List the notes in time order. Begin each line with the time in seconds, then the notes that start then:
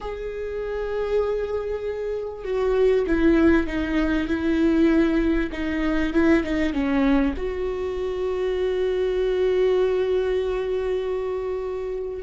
0.00 G#4
2.44 F#4
3.06 E4
3.67 D#4
4.27 E4
5.52 D#4
6.13 E4
6.43 D#4
6.73 C#4
7.36 F#4